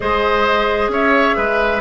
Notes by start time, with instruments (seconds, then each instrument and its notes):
0.00 bassoon G#3, clarinet G#4, oboe C5, flute D#5
0.88 bassoon C#4, oboe C#5, flute E5
1.36 bassoon G#3, oboe B4